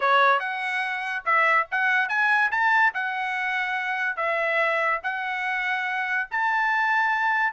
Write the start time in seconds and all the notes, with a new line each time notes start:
0.00 C#5
0.39 F#5
1.25 E5
1.71 F#5
2.08 G#5
2.51 A5
2.94 F#5
4.16 E5
5.03 F#5
6.30 A5